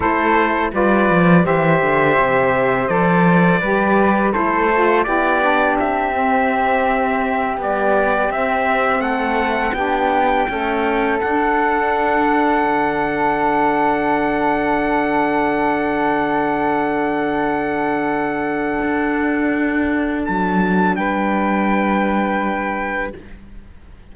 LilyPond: <<
  \new Staff \with { instrumentName = "trumpet" } { \time 4/4 \tempo 4 = 83 c''4 d''4 e''2 | d''2 c''4 d''4 | e''2~ e''8 d''4 e''8~ | e''8 fis''4 g''2 fis''8~ |
fis''1~ | fis''1~ | fis''1 | a''4 g''2. | }
  \new Staff \with { instrumentName = "flute" } { \time 4/4 a'4 b'4 c''2~ | c''4 b'4 a'4 g'4~ | g'1~ | g'8 a'4 g'4 a'4.~ |
a'1~ | a'1~ | a'1~ | a'4 b'2. | }
  \new Staff \with { instrumentName = "saxophone" } { \time 4/4 e'4 f'4 g'2 | a'4 g'4 e'8 f'8 e'8 d'8~ | d'8 c'2 g4 c'8~ | c'4. d'4 a4 d'8~ |
d'1~ | d'1~ | d'1~ | d'1 | }
  \new Staff \with { instrumentName = "cello" } { \time 4/4 a4 g8 f8 e8 d8 c4 | f4 g4 a4 b4 | c'2~ c'8 b4 c'8~ | c'8 a4 b4 cis'4 d'8~ |
d'4. d2~ d8~ | d1~ | d2 d'2 | fis4 g2. | }
>>